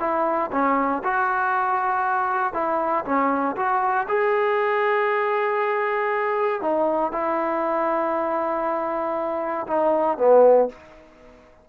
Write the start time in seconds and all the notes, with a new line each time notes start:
0.00 E4
0.52 C#4
1.04 F#4
2.54 E4
3.06 C#4
3.57 F#4
4.08 G#4
6.62 D#4
7.13 E4
9.67 D#4
10.18 B3